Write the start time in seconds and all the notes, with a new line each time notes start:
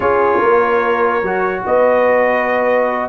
0.00 C#4 F4 G#4 C#5
0.38 A#3 A#4
1.22 F#3 F#4
1.66 B3 B4 D#5